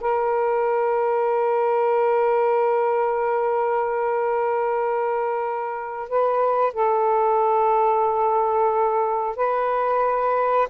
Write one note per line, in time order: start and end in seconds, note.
0.00 6.08 A#4
6.08 6.73 B4
6.73 9.36 A4
9.36 10.68 B4